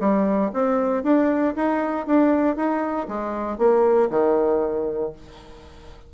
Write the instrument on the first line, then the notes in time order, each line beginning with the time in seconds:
bassoon
0.00 G3
0.53 C4
1.03 D4
1.56 D#4
2.06 D4
2.56 D#4
3.08 G#3
3.58 A#3
4.10 D#3